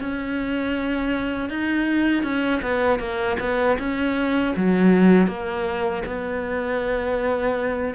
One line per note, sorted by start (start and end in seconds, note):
0.00 1.50 C#4
1.50 2.24 D#4
2.24 2.62 C#4
2.62 3.00 B3
3.00 3.38 A#3
3.40 3.78 B3
3.79 4.55 C#4
4.57 5.28 F#3
5.28 6.03 A#3
6.06 7.95 B3